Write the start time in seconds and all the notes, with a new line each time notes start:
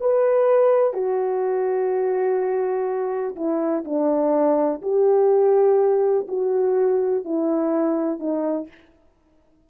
0.00 B4
0.94 F#4
3.36 E4
3.84 D4
4.82 G4
6.28 F#4
7.25 E4
8.20 D#4